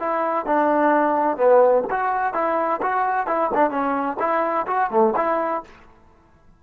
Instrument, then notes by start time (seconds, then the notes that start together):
trombone
0.00 E4
0.46 D4
1.37 B3
1.90 F#4
2.34 E4
2.83 F#4
3.27 E4
3.54 D4
3.70 C#4
4.20 E4
4.67 F#4
4.91 A3
5.16 E4